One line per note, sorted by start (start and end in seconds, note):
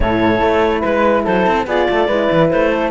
0.00 0.41 A2
0.00 1.67 E4
0.00 0.80 A4
0.00 0.82 C#5
0.41 0.82 A3
0.80 1.26 G#3
0.80 1.22 B4
0.80 1.25 B4
1.24 1.46 F#3
1.24 1.66 A4
1.24 1.67 C5
1.46 1.66 C4
1.66 1.87 B3
1.66 2.09 F4
1.66 1.87 G#4
1.66 2.50 D5
1.89 2.07 A3
1.89 2.07 A4
2.07 2.28 G#3
2.07 2.90 E4
2.07 2.69 B4
2.31 2.52 E3
2.50 2.90 A3
2.50 2.90 C5
2.70 2.90 A4